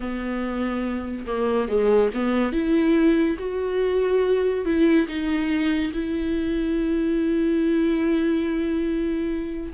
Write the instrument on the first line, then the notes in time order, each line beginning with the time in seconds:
viola
0.00 B3
1.26 A#3
1.68 G#3
2.14 B3
2.52 E4
3.38 F#4
4.65 E4
5.07 D#4
5.93 E4